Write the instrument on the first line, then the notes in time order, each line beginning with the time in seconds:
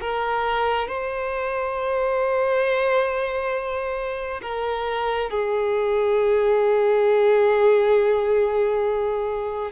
violin
0.00 A#4
0.87 C5
4.42 A#4
5.30 G#4